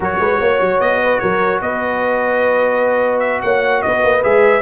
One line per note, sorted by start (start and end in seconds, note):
0.00 0.17 F#3
0.00 4.21 F#4
0.00 0.19 A#4
0.00 0.80 C#5
0.19 0.39 G#3
0.19 0.39 B4
0.39 0.60 A#3
0.39 1.00 C#5
0.60 0.80 F#3
0.80 1.20 B3
0.80 1.19 D#5
1.03 1.21 B4
1.19 1.61 F#3
1.19 1.61 A#4
1.19 1.59 C#5
1.61 3.42 B3
1.61 3.43 B4
1.61 3.19 D#5
3.19 3.40 E5
3.42 3.83 A#3
3.42 3.83 C#5
3.42 3.82 F#5
3.82 4.03 B3
3.82 4.61 B4
3.82 4.22 D#5
4.03 4.23 A#3
4.22 4.61 G#3
4.22 4.61 G#4
4.22 4.61 E5